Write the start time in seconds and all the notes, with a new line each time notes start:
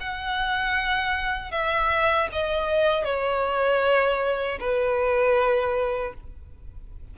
0.00 F#5
1.51 E5
2.32 D#5
3.05 C#5
4.60 B4